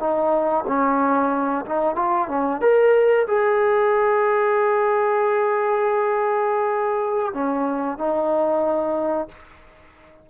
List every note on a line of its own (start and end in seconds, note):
0.00 0.65 D#4
0.68 1.65 C#4
1.66 1.96 D#4
1.96 2.29 F4
2.29 2.61 C#4
2.61 3.27 A#4
3.28 7.34 G#4
7.34 7.98 C#4
7.98 9.29 D#4